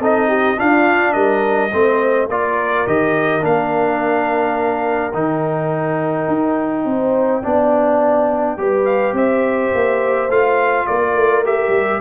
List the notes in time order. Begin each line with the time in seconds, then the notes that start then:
0.00 C4 D#4 A4 D#5
0.28 G4
0.57 D4 F4 F5
1.13 G3 A#4 D#5
1.72 A3 C4 C5
2.29 A#3 F4 A#4 D5
2.87 D#3 G4 D#5
3.41 A#3 D4 F5
5.14 D#3 D#4 G5
6.28 D#4
6.85 C4 C5
7.43 B3 D4 D5
8.58 G3 G4 B4
8.85 F5
9.13 C4 C5 E5
9.74 A#3
10.29 A3 F4 F5
10.87 A#3 A#4 D5
11.14 A3
11.45 G4 E5
11.69 G3